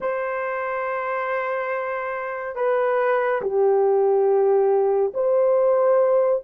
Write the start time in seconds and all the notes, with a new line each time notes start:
0.00 C5
2.55 B4
3.41 G4
5.14 C5